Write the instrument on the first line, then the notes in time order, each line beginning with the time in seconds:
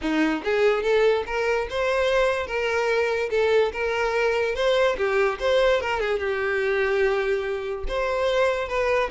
violin
0.01 D#4
0.43 G#4
0.82 A4
1.26 A#4
1.70 C5
2.46 A#4
3.30 A4
3.72 A#4
4.55 C5
4.97 G4
5.39 C5
5.80 A#4
6.00 G#4
6.19 G4
7.88 C5
8.68 B4